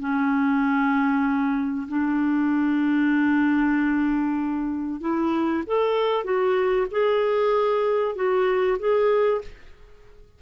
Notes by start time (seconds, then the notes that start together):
0.00 C#4
1.88 D4
5.01 E4
5.66 A4
6.24 F#4
6.91 G#4
8.16 F#4
8.79 G#4